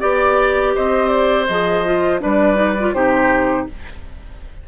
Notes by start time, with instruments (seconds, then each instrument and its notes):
0.00 bassoon B3, clarinet G4, oboe D5, flute D5
0.75 bassoon C4, oboe C5, flute D#5
1.09 flute D5
1.47 bassoon F3, clarinet G#4, flute D#5
1.86 clarinet F4
2.20 bassoon G3, clarinet D4, oboe B4, flute D5
2.55 clarinet D#4
2.80 clarinet F4
2.93 bassoon C3, clarinet D#4, oboe G4, flute C5